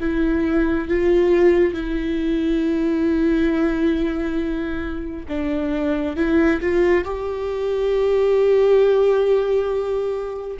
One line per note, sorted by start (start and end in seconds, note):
0.00 0.88 E4
0.88 1.73 F4
1.73 5.26 E4
5.28 6.16 D4
6.16 6.60 E4
6.61 7.04 F4
7.04 10.57 G4